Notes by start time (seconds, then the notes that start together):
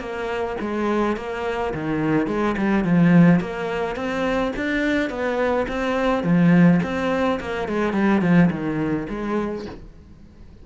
0.00 A#3
0.61 G#3
1.17 A#3
1.74 D#3
2.27 G#3
2.58 G3
2.85 F3
3.41 A#3
3.96 C4
4.57 D4
5.10 B3
5.69 C4
6.24 F3
6.83 C4
7.40 A#3
7.69 G#3
7.93 G3
8.22 F3
8.51 D#3
9.10 G#3